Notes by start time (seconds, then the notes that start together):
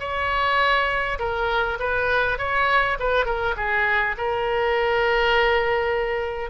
0.00 C#5
1.19 A#4
1.80 B4
2.39 C#5
3.00 B4
3.26 A#4
3.57 G#4
4.18 A#4